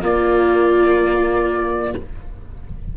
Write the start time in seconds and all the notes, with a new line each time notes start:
0.00 A#3 F4 D5